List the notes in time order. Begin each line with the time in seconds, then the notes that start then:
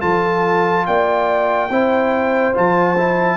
0.00 F3 F4 A4 A5
0.86 A#3 D5 G5
1.70 C4 E4 C5
2.53 F3 F4 A5
2.97 E4